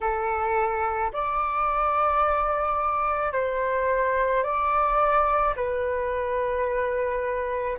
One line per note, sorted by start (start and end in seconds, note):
0.00 1.11 A4
1.12 3.32 D5
3.32 4.43 C5
4.43 5.54 D5
5.56 7.78 B4